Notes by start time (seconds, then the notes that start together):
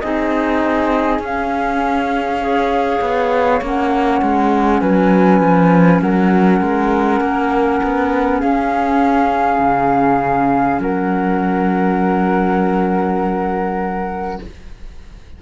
0.00 C4 D#4 G#4 D#5
1.19 C#4 F5
2.41 G#4 C#5
3.01 B3
3.62 A#3 C#4 F#5
4.22 G#3
4.80 F#3 B4 G#5
5.41 F3
6.01 F#3 A#4 F#5
6.61 G#3
7.21 A#3
7.83 B3
8.40 C#4 G#4 F5
9.59 C#3
10.79 F#3 A#4 F#5